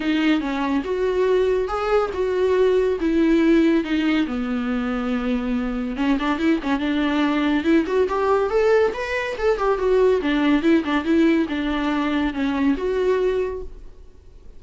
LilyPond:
\new Staff \with { instrumentName = "viola" } { \time 4/4 \tempo 4 = 141 dis'4 cis'4 fis'2 | gis'4 fis'2 e'4~ | e'4 dis'4 b2~ | b2 cis'8 d'8 e'8 cis'8 |
d'2 e'8 fis'8 g'4 | a'4 b'4 a'8 g'8 fis'4 | d'4 e'8 d'8 e'4 d'4~ | d'4 cis'4 fis'2 | }